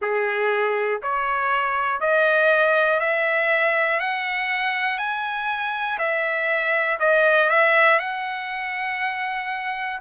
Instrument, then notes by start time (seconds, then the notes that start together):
trumpet
0.01 G#4
1.02 C#5
2.00 D#5
3.00 E5
4.00 F#5
4.98 G#5
5.98 E5
7.00 D#5
7.50 E5
7.99 F#5